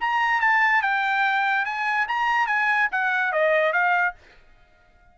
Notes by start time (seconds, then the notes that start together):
0.00 A#5
0.41 A5
0.82 G5
1.65 G#5
2.08 A#5
2.47 G#5
2.91 F#5
3.32 D#5
3.72 F5